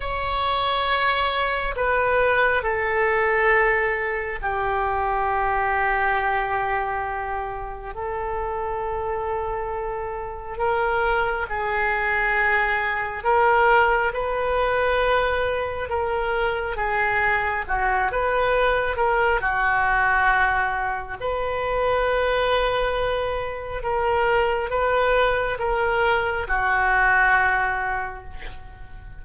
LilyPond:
\new Staff \with { instrumentName = "oboe" } { \time 4/4 \tempo 4 = 68 cis''2 b'4 a'4~ | a'4 g'2.~ | g'4 a'2. | ais'4 gis'2 ais'4 |
b'2 ais'4 gis'4 | fis'8 b'4 ais'8 fis'2 | b'2. ais'4 | b'4 ais'4 fis'2 | }